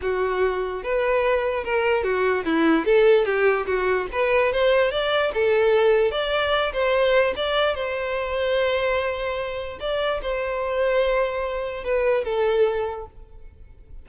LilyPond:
\new Staff \with { instrumentName = "violin" } { \time 4/4 \tempo 4 = 147 fis'2 b'2 | ais'4 fis'4 e'4 a'4 | g'4 fis'4 b'4 c''4 | d''4 a'2 d''4~ |
d''8 c''4. d''4 c''4~ | c''1 | d''4 c''2.~ | c''4 b'4 a'2 | }